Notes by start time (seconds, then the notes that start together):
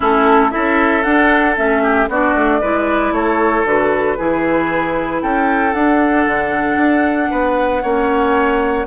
0.00 A3 C#4 E4 A4
0.50 E4 A4 E5
0.56 C#4
1.02 D4 F#5
1.56 A3 C#4 E5
1.82 G4
2.08 B3 D4 F#4 D5
2.34 A3
2.61 G#3 E4 B4
3.11 A3 A4 C#5
3.64 D3 F#4 B4
4.17 E3 E4 G#4
5.22 C#4 A4 G5
5.73 D4 F#5
6.26 D3
6.76 D4
7.30 B3 B4
7.82 A#3 C#4 C#5